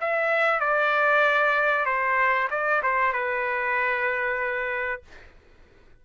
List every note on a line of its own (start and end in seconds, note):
0.00 0.60 E5
0.60 1.85 D5
1.85 2.48 C5
2.50 2.82 D5
2.82 3.13 C5
3.13 5.02 B4